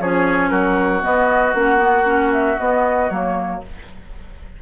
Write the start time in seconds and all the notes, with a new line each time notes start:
0.00 F3 C#4 G#4 C#5
0.50 F#3 F#4 A#4
1.01 B3 D#5
1.55 A#3 C#4 F#5
1.77 B3
2.05 C#4
2.34 E5
2.59 B3 D#5
3.11 F#3 A#3 C#5